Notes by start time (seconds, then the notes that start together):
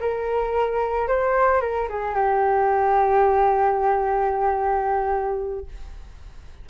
0.00 A#4
1.08 C5
1.61 A#4
1.89 G#4
2.15 G4